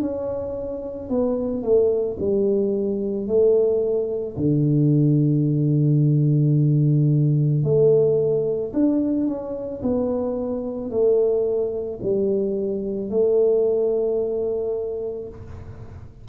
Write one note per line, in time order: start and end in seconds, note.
0.00 1.09 C#4
1.09 1.63 B3
1.63 2.17 A3
2.20 3.27 G3
3.27 4.36 A3
4.37 7.64 D3
7.64 8.73 A3
8.73 9.27 D4
9.27 9.81 C#4
9.82 10.90 B3
10.90 12.00 A3
12.02 13.10 G3
13.10 15.28 A3